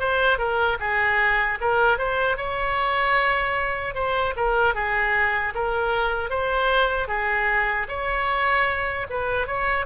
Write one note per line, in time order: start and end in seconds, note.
0.00 0.38 C5
0.38 0.78 A#4
0.80 1.59 G#4
1.61 1.98 A#4
1.98 2.37 C5
2.37 3.95 C#5
3.95 4.34 C5
4.37 4.75 A#4
4.75 5.54 G#4
5.55 6.30 A#4
6.30 7.08 C5
7.08 7.87 G#4
7.88 9.07 C#5
9.10 9.47 B4
9.47 9.86 C#5